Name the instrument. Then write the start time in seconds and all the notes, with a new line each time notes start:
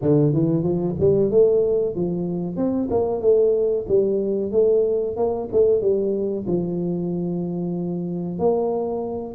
tuba
0.01 D3
0.33 E3
0.63 F3
0.99 G3
1.30 A3
1.95 F3
2.56 C4
2.90 A#3
3.21 A3
3.88 G3
4.51 A3
5.16 A#3
5.52 A3
5.81 G3
6.47 F3
8.39 A#3